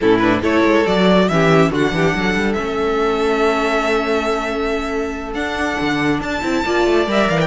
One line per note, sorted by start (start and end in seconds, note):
0.00 0.42 A2
0.00 0.21 C#4
0.00 0.41 E4
0.00 0.18 A4
0.18 0.41 D4
0.18 0.39 B4
0.41 0.64 A3
0.41 0.84 E4
0.41 1.27 A4
0.41 0.86 C#5
0.64 0.86 G#3
0.86 1.29 F#3
0.86 1.29 F#4
0.86 1.28 D5
1.28 1.70 E3
1.28 1.73 C#4
1.28 1.71 G4
1.28 1.71 E5
1.70 1.92 D3
1.70 2.57 D4
1.70 1.92 F#4
1.70 2.53 F#5
1.92 2.13 E3
1.92 2.16 G4
2.15 2.35 F#3
2.15 6.65 A4
2.35 2.56 G3
2.53 5.34 A3
2.53 5.35 C#4
2.53 5.32 E5
5.34 5.77 D4
5.34 6.42 D4
5.34 6.20 F#5
5.80 6.20 D3
6.20 6.41 D4
6.20 7.08 A5
6.42 6.64 C4
6.42 6.63 E4
6.65 6.86 A#3
6.65 7.07 F4
6.65 7.47 D5
6.86 7.07 A3
7.07 7.28 G3
7.07 7.47 A#4
7.07 7.28 E5
7.28 7.47 E3
7.28 7.39 F5
7.40 7.47 G5